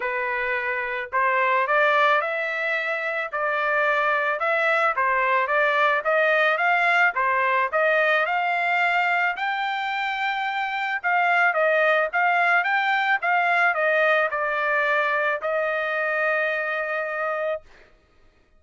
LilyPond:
\new Staff \with { instrumentName = "trumpet" } { \time 4/4 \tempo 4 = 109 b'2 c''4 d''4 | e''2 d''2 | e''4 c''4 d''4 dis''4 | f''4 c''4 dis''4 f''4~ |
f''4 g''2. | f''4 dis''4 f''4 g''4 | f''4 dis''4 d''2 | dis''1 | }